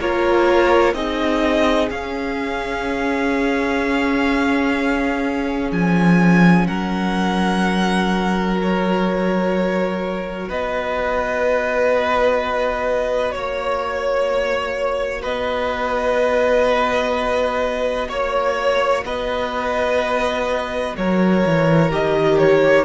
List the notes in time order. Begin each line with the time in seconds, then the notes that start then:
0.00 A#3 F4 A#4 C#5
0.94 C4 D#4 G#4 D#5
1.90 C#4 F5
5.71 F3 G#5
6.67 F#3 A#4 F#5
8.57 F#4 C#5
10.49 B3 B4 D#5
13.32 A#3 C#5
15.22 B3 B4 D#5
18.09 A#3 C#5
19.05 B3 B4 D#5
20.97 F#3 A#4 C#5
21.46 E3
21.90 D#3 G4 D#5
22.38 C#5